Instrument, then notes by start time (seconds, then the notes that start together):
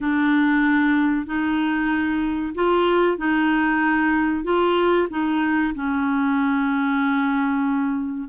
clarinet
0.00 D4
1.26 D#4
2.54 F4
3.17 D#4
4.44 F4
5.10 D#4
5.74 C#4